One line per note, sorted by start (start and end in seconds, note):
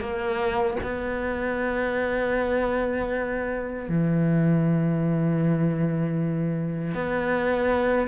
0.00 0.77 A#3
0.83 3.89 B3
3.89 6.94 E3
6.94 8.08 B3